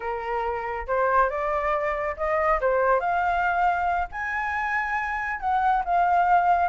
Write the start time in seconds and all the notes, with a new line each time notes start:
0.00 A#4
0.87 C5
1.29 D5
2.17 D#5
2.60 C5
3.00 F5
4.11 G#5
5.40 F#5
5.84 F5